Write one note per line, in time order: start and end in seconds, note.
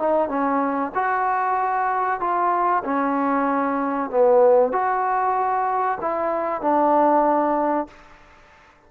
0.00 0.29 D#4
0.29 0.92 C#4
0.95 2.20 F#4
2.20 2.84 F4
2.85 4.11 C#4
4.11 4.73 B3
4.73 5.99 F#4
6.01 6.62 E4
6.62 7.88 D4